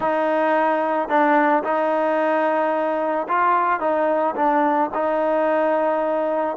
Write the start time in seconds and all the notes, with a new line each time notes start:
0.00 D#4
1.08 D4
1.63 D#4
3.28 F4
3.80 D#4
4.35 D4
4.94 D#4